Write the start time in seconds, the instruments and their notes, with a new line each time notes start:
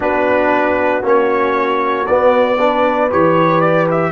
0.00 tuba B3, trombone D4, horn F#4, trumpet B4
1.02 tuba A#3, trombone C#4, trumpet C#5
2.06 trombone B3, tuba B3, trumpet D5
2.57 trombone D4, horn B4
3.10 tuba E3, trombone G4, trumpet C#5
3.61 trumpet D5
3.91 trumpet E5